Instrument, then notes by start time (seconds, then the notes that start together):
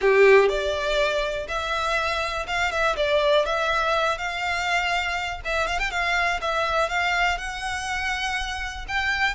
violin
0.01 G4
0.49 D5
1.48 E5
2.47 F5
2.71 E5
2.96 D5
3.45 E5
4.18 F5
5.45 E5
5.67 F5
5.79 G5
5.90 F5
6.41 E5
6.89 F5
7.38 F#5
8.87 G5